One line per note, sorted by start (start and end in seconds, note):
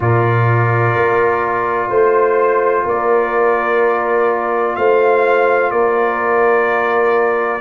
0.00 0.94 A#2
0.00 7.60 F4
0.00 1.89 A#4
0.00 1.92 D5
0.95 1.89 A#3
1.89 2.85 A3
1.89 2.84 C5
1.89 2.88 C5
2.85 4.76 A#3
2.85 4.75 A#4
2.85 4.75 D5
4.75 5.71 A3
4.75 5.72 C5
4.75 5.70 F5
5.70 7.61 A#3
5.70 7.61 A#4
5.70 7.61 D5